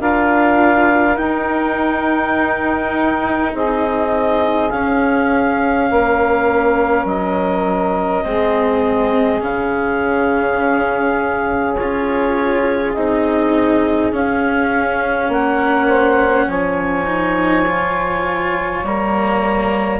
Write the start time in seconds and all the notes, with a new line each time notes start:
0.00 D4 F4 A#4 F5
1.16 D#4 G5
3.55 C4 G#4 D#5
4.71 C#4 F5
5.90 A#3 A#4
7.05 F#3 D#5
8.25 G#3 C4 G#4
9.41 C#3 C#4 F5
11.74 C#4 C#5
11.80 F4
12.94 C4 D#4 D#5
14.13 C#4 F5
15.29 A#3 A#4 F#5
15.88 C5
16.48 F3 C#5 G#5
17.06 D#4
17.67 F4
18.84 G3 A#3 A#5